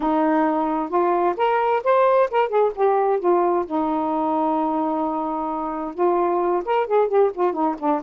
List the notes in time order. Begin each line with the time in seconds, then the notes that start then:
0.00 D#4
0.89 F4
1.36 A#4
1.83 C5
2.30 A#4
2.48 G#4
2.75 G4
3.19 F4
3.66 D#4
5.94 F4
6.65 A#4
6.86 G#4
7.08 G4
7.34 F4
7.52 D#4
7.78 D4